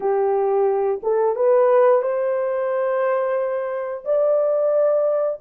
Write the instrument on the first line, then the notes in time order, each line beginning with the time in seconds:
horn
0.00 G4
1.03 A4
1.35 B4
2.02 C5
4.04 D5